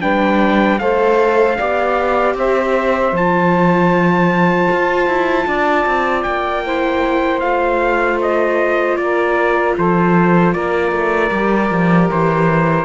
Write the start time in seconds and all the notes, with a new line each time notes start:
0.00 G3 D4 B4 G5
0.79 A3 A4 C5 F5
1.57 B3 G4 D5
2.34 C4 C5 E5
3.12 F3 F4 A5
4.71 F4
5.07 E4
5.46 D4 D5
5.86 C4
6.22 A#3 G5
6.65 E4 C5
7.40 A3 F4 F5
8.22 D#5
8.96 A#3 A#4 D5
9.75 F3 A4 C5
10.53 A#3 A#4 D5
10.91 A3
11.30 G3 G4
11.70 F3
12.11 E3 C5